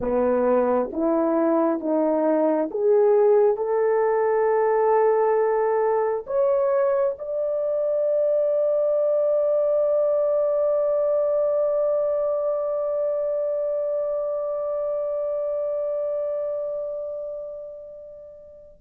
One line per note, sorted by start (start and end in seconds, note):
0.00 0.90 B3
0.92 1.80 E4
1.80 2.69 D#4
2.71 3.56 G#4
3.56 6.25 A4
6.26 7.16 C#5
7.18 18.81 D5